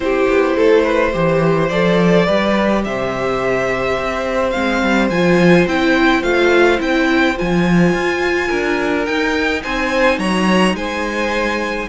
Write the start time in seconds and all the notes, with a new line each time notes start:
0.00 C4 E4 G4 C5
0.28 B3
0.56 A3 A4
0.82 B4
1.12 E3 G4 C5
1.69 F3 A4 D5
2.26 G3 G4 B4
2.84 C3 C5 E5
3.97 C4
4.50 G#3 C4 F5
4.82 G3
5.10 F3 F4 G#5
5.66 C4 E4 G5
6.22 A3 F4 F5
6.78 C4 E4 G5
7.36 F3 F4 G#5
7.93 F4
8.47 D4 A#4
9.05 D#4 G5
9.63 C4 C5 G#5
10.18 F#3 C#5 A#5
10.73 G#3 C5 G#5